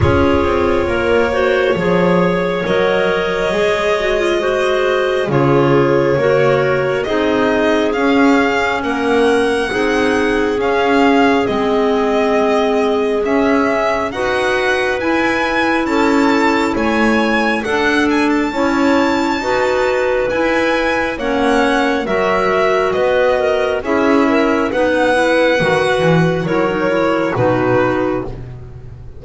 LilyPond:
<<
  \new Staff \with { instrumentName = "violin" } { \time 4/4 \tempo 4 = 68 cis''2. dis''4~ | dis''2 cis''2 | dis''4 f''4 fis''2 | f''4 dis''2 e''4 |
fis''4 gis''4 a''4 gis''4 | fis''8 gis''16 a''2~ a''16 gis''4 | fis''4 e''4 dis''4 e''4 | fis''2 cis''4 b'4 | }
  \new Staff \with { instrumentName = "clarinet" } { \time 4/4 gis'4 ais'8 c''8 cis''2~ | cis''4 c''4 gis'4 ais'4 | gis'2 ais'4 gis'4~ | gis'1 |
b'2 a'4 cis''4 | a'4 cis''4 b'2 | cis''4 ais'4 b'8 ais'8 gis'8 ais'8 | b'2 ais'4 fis'4 | }
  \new Staff \with { instrumentName = "clarinet" } { \time 4/4 f'4. fis'8 gis'4 ais'4 | gis'8 fis'16 f'16 fis'4 f'4 fis'4 | dis'4 cis'2 dis'4 | cis'4 c'2 cis'4 |
fis'4 e'2. | d'4 e'4 fis'4 e'4 | cis'4 fis'2 e'4 | dis'8 e'8 fis'4 e'16 dis'16 e'8 dis'4 | }
  \new Staff \with { instrumentName = "double bass" } { \time 4/4 cis'8 c'8 ais4 f4 fis4 | gis2 cis4 ais4 | c'4 cis'4 ais4 c'4 | cis'4 gis2 cis'4 |
dis'4 e'4 cis'4 a4 | d'4 cis'4 dis'4 e'4 | ais4 fis4 b4 cis'4 | b4 dis8 e8 fis4 b,4 | }
>>